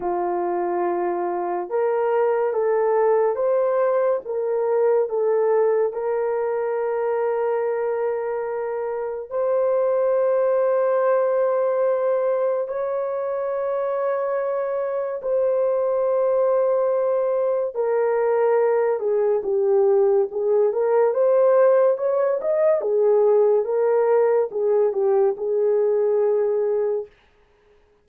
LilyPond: \new Staff \with { instrumentName = "horn" } { \time 4/4 \tempo 4 = 71 f'2 ais'4 a'4 | c''4 ais'4 a'4 ais'4~ | ais'2. c''4~ | c''2. cis''4~ |
cis''2 c''2~ | c''4 ais'4. gis'8 g'4 | gis'8 ais'8 c''4 cis''8 dis''8 gis'4 | ais'4 gis'8 g'8 gis'2 | }